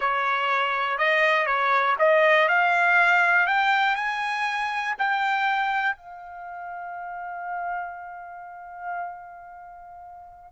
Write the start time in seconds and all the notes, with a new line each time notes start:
0.00 C#5
0.97 D#5
1.46 C#5
1.99 D#5
2.48 F5
3.47 G5
3.95 G#5
4.98 G5
5.96 F5